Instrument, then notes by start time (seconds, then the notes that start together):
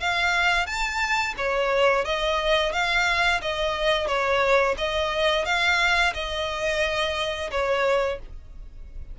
violin
0.00 F5
0.66 A5
1.37 C#5
2.05 D#5
2.72 F5
3.42 D#5
4.07 C#5
4.78 D#5
5.45 F5
6.14 D#5
7.51 C#5